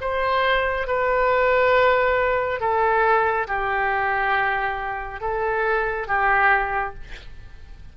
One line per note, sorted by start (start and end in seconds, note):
0.00 0.87 C5
0.87 2.60 B4
2.60 3.47 A4
3.47 5.20 G4
5.20 6.07 A4
6.07 6.94 G4